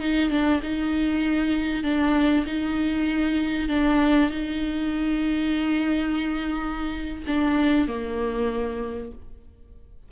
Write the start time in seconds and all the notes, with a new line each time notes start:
0.00 D#4
0.30 D4
0.63 D#4
1.83 D4
2.46 D#4
3.69 D4
4.30 D#4
7.27 D4
7.88 A#3